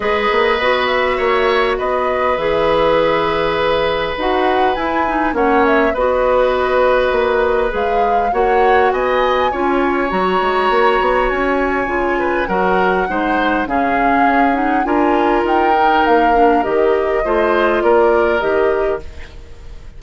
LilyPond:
<<
  \new Staff \with { instrumentName = "flute" } { \time 4/4 \tempo 4 = 101 dis''4. e''4. dis''4 | e''2. fis''4 | gis''4 fis''8 e''8 dis''2~ | dis''4 f''4 fis''4 gis''4~ |
gis''4 ais''2 gis''4~ | gis''4 fis''2 f''4~ | f''8 fis''8 gis''4 g''4 f''4 | dis''2 d''4 dis''4 | }
  \new Staff \with { instrumentName = "oboe" } { \time 4/4 b'2 cis''4 b'4~ | b'1~ | b'4 cis''4 b'2~ | b'2 cis''4 dis''4 |
cis''1~ | cis''8 b'8 ais'4 c''4 gis'4~ | gis'4 ais'2.~ | ais'4 c''4 ais'2 | }
  \new Staff \with { instrumentName = "clarinet" } { \time 4/4 gis'4 fis'2. | gis'2. fis'4 | e'8 dis'8 cis'4 fis'2~ | fis'4 gis'4 fis'2 |
f'4 fis'2. | f'4 fis'4 dis'4 cis'4~ | cis'8 dis'8 f'4. dis'4 d'8 | g'4 f'2 g'4 | }
  \new Staff \with { instrumentName = "bassoon" } { \time 4/4 gis8 ais8 b4 ais4 b4 | e2. dis'4 | e'4 ais4 b2 | ais4 gis4 ais4 b4 |
cis'4 fis8 gis8 ais8 b8 cis'4 | cis4 fis4 gis4 cis4 | cis'4 d'4 dis'4 ais4 | dis4 a4 ais4 dis4 | }
>>